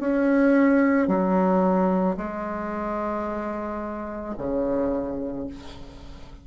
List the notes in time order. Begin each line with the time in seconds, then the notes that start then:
0.00 C#4
1.08 F#3
2.17 G#3
4.38 C#3